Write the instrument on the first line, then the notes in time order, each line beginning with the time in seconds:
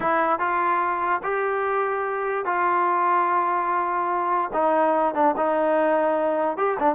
trombone
0.00 E4
0.39 F4
1.23 G4
2.45 F4
4.53 D#4
5.14 D4
5.36 D#4
6.57 G4
6.79 D4